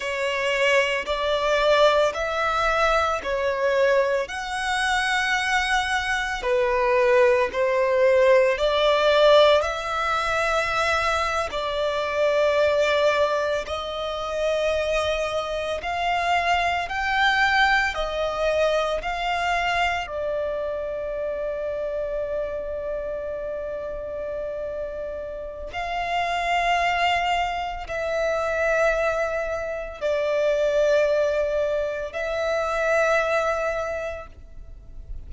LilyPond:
\new Staff \with { instrumentName = "violin" } { \time 4/4 \tempo 4 = 56 cis''4 d''4 e''4 cis''4 | fis''2 b'4 c''4 | d''4 e''4.~ e''16 d''4~ d''16~ | d''8. dis''2 f''4 g''16~ |
g''8. dis''4 f''4 d''4~ d''16~ | d''1 | f''2 e''2 | d''2 e''2 | }